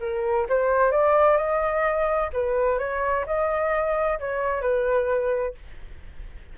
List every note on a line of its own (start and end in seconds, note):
0.00 0.47 A#4
0.49 0.91 C5
0.91 1.37 D5
1.37 2.30 D#5
2.33 2.78 B4
2.78 3.25 C#5
3.26 4.19 D#5
4.19 4.61 C#5
4.61 5.54 B4